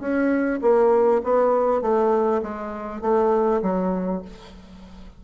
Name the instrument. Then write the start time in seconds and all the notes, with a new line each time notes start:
bassoon
0.00 C#4
0.62 A#3
1.24 B3
1.82 A3
2.42 G#3
3.01 A3
3.62 F#3